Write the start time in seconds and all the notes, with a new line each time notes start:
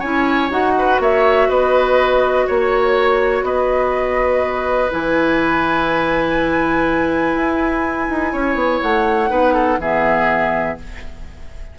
0.00 C#4 E4 C#5 G#5
0.50 D#4 F#4 F#5
0.79 B4
1.00 A#3 C#5 E5
1.49 B3 B4 D#5
2.47 A#3 C#5
3.43 B3 B4 D#5
4.91 E3 E4 G#5
7.35 E4
8.09 D#4
8.33 C#4 C#5
8.55 B3
8.83 A3 F#5
9.30 B3 D#4 B4
9.54 A4
9.79 E3 B3 G#4 E5